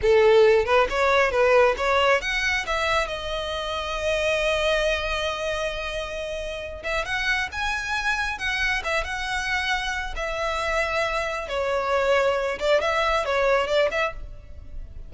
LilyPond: \new Staff \with { instrumentName = "violin" } { \time 4/4 \tempo 4 = 136 a'4. b'8 cis''4 b'4 | cis''4 fis''4 e''4 dis''4~ | dis''1~ | dis''2.~ dis''8 e''8 |
fis''4 gis''2 fis''4 | e''8 fis''2~ fis''8 e''4~ | e''2 cis''2~ | cis''8 d''8 e''4 cis''4 d''8 e''8 | }